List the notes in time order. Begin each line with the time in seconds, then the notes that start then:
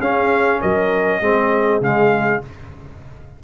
0.00 C#4 G#4 F5
0.60 F#3 A#4 D#5
1.21 G#3 C4 G#4
1.80 C#3 G#3 F5